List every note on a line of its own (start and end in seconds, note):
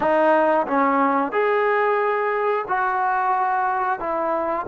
0.00 0.66 D#4
0.66 1.32 C#4
1.32 2.65 G#4
2.68 3.99 F#4
3.99 4.66 E4